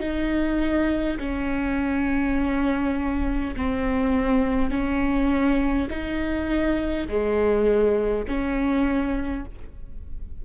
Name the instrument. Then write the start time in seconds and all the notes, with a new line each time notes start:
viola
0.00 D#4
1.20 C#4
3.56 C4
4.71 C#4
5.90 D#4
7.08 G#3
8.28 C#4